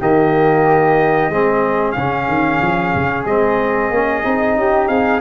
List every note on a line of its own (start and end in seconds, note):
0.00 1.30 D#3
0.00 1.31 A#3
0.00 1.30 G4
0.00 1.92 D#5
1.30 1.95 G#3
1.30 1.96 C4
1.30 4.57 G#4
1.92 2.28 C#3
1.92 3.27 C#4
1.92 3.22 F5
2.28 2.61 D#3
2.61 2.94 F3
2.95 3.25 C#3
3.25 3.90 G#3
3.25 3.93 C4
3.25 4.88 D#5
3.90 4.23 A#3
3.90 4.23 C#4
4.23 4.56 C4
4.23 5.21 D#4
4.56 4.88 C#4
4.56 4.88 G4
4.88 5.21 C4
4.88 5.21 G#4
4.88 5.20 F5